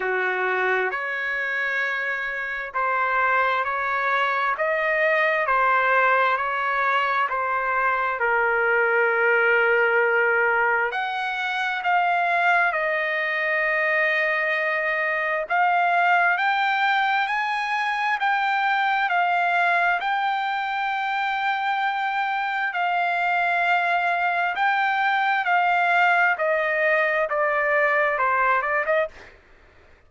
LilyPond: \new Staff \with { instrumentName = "trumpet" } { \time 4/4 \tempo 4 = 66 fis'4 cis''2 c''4 | cis''4 dis''4 c''4 cis''4 | c''4 ais'2. | fis''4 f''4 dis''2~ |
dis''4 f''4 g''4 gis''4 | g''4 f''4 g''2~ | g''4 f''2 g''4 | f''4 dis''4 d''4 c''8 d''16 dis''16 | }